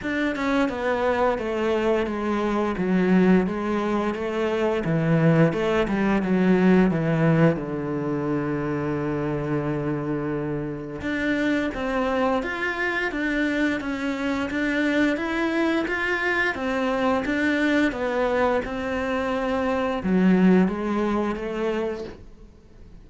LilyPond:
\new Staff \with { instrumentName = "cello" } { \time 4/4 \tempo 4 = 87 d'8 cis'8 b4 a4 gis4 | fis4 gis4 a4 e4 | a8 g8 fis4 e4 d4~ | d1 |
d'4 c'4 f'4 d'4 | cis'4 d'4 e'4 f'4 | c'4 d'4 b4 c'4~ | c'4 fis4 gis4 a4 | }